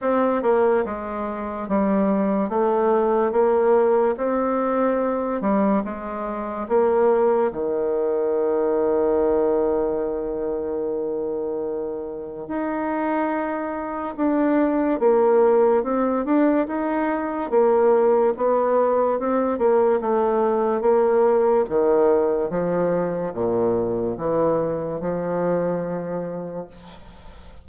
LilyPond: \new Staff \with { instrumentName = "bassoon" } { \time 4/4 \tempo 4 = 72 c'8 ais8 gis4 g4 a4 | ais4 c'4. g8 gis4 | ais4 dis2.~ | dis2. dis'4~ |
dis'4 d'4 ais4 c'8 d'8 | dis'4 ais4 b4 c'8 ais8 | a4 ais4 dis4 f4 | ais,4 e4 f2 | }